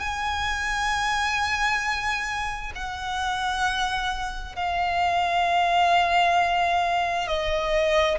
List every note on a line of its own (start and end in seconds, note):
0.00 2.73 G#5
2.76 4.56 F#5
4.56 7.28 F5
7.28 8.19 D#5